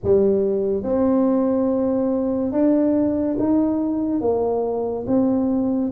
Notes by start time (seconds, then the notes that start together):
0.03 G3
0.83 C4
2.52 D4
3.38 D#4
4.20 A#3
5.07 C4